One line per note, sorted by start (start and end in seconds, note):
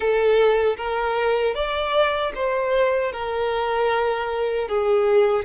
0.00 0.76 A4
0.76 1.54 A#4
1.54 2.32 D5
2.34 3.12 C5
3.12 4.68 A#4
4.68 5.45 G#4